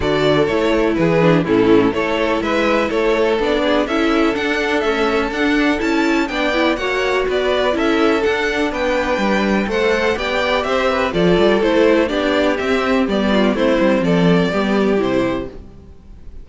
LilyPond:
<<
  \new Staff \with { instrumentName = "violin" } { \time 4/4 \tempo 4 = 124 d''4 cis''4 b'4 a'4 | cis''4 e''4 cis''4 d''4 | e''4 fis''4 e''4 fis''4 | a''4 g''4 fis''4 d''4 |
e''4 fis''4 g''2 | fis''4 g''4 e''4 d''4 | c''4 d''4 e''4 d''4 | c''4 d''2 c''4 | }
  \new Staff \with { instrumentName = "violin" } { \time 4/4 a'2 gis'4 e'4 | a'4 b'4 a'4. gis'8 | a'1~ | a'4 d''4 cis''4 b'4 |
a'2 b'2 | c''4 d''4 c''8 b'8 a'4~ | a'4 g'2~ g'8 f'8 | e'4 a'4 g'2 | }
  \new Staff \with { instrumentName = "viola" } { \time 4/4 fis'4 e'4. d'8 cis'4 | e'2. d'4 | e'4 d'4 a4 d'4 | e'4 d'8 e'8 fis'2 |
e'4 d'2. | a'4 g'2 f'4 | e'4 d'4 c'4 b4 | c'2 b4 e'4 | }
  \new Staff \with { instrumentName = "cello" } { \time 4/4 d4 a4 e4 a,4 | a4 gis4 a4 b4 | cis'4 d'4 cis'4 d'4 | cis'4 b4 ais4 b4 |
cis'4 d'4 b4 g4 | a4 b4 c'4 f8 g8 | a4 b4 c'4 g4 | a8 g8 f4 g4 c4 | }
>>